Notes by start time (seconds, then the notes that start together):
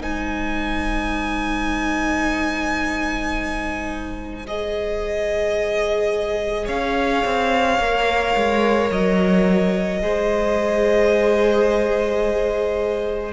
0.00 G#3 D#4 C5 G#5
4.47 G#4 D#5
6.65 C#4 C#5 F5
7.25 C4
7.79 A#3 A#4
8.35 G#3
8.91 F#3 D#5
10.02 G#3 G#4 C5